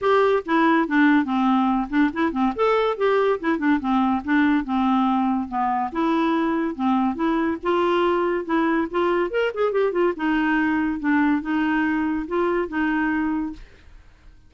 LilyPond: \new Staff \with { instrumentName = "clarinet" } { \time 4/4 \tempo 4 = 142 g'4 e'4 d'4 c'4~ | c'8 d'8 e'8 c'8 a'4 g'4 | e'8 d'8 c'4 d'4 c'4~ | c'4 b4 e'2 |
c'4 e'4 f'2 | e'4 f'4 ais'8 gis'8 g'8 f'8 | dis'2 d'4 dis'4~ | dis'4 f'4 dis'2 | }